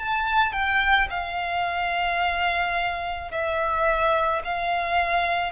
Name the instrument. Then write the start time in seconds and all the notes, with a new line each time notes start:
violin
0.00 A5
0.53 G5
1.10 F5
3.31 E5
4.44 F5